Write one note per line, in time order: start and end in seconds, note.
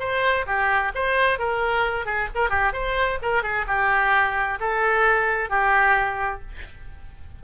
0.00 0.46 C5
0.46 0.92 G4
0.95 1.39 C5
1.39 2.06 A#4
2.06 2.29 G#4
2.35 2.50 A#4
2.50 2.73 G4
2.73 3.19 C5
3.22 3.43 A#4
3.43 3.66 G#4
3.67 4.59 G4
4.60 5.50 A4
5.50 6.42 G4